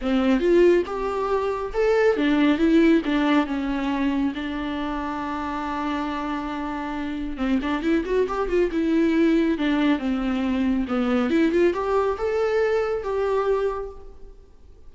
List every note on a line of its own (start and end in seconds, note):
0.01 0.40 C4
0.40 0.83 F4
0.86 1.73 G4
1.73 2.16 A4
2.16 2.58 D4
2.58 3.01 E4
3.05 3.46 D4
3.46 4.33 C#4
4.34 7.37 D4
7.37 7.59 C4
7.61 7.82 D4
7.82 8.04 E4
8.05 8.27 F#4
8.28 8.48 G4
8.48 8.70 F4
8.71 9.58 E4
9.58 9.99 D4
9.99 10.86 C4
10.88 11.30 B3
11.30 11.51 E4
11.51 11.73 F4
11.73 12.17 G4
12.18 13.03 A4
13.03 13.90 G4